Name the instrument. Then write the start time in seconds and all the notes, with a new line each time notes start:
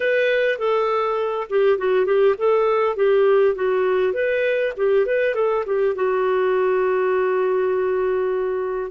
clarinet
0.00 B4
0.58 A4
1.49 G4
1.77 F#4
2.05 G4
2.38 A4
2.95 G4
3.55 F#4
4.13 B4
4.76 G4
5.05 B4
5.34 A4
5.66 G4
5.95 F#4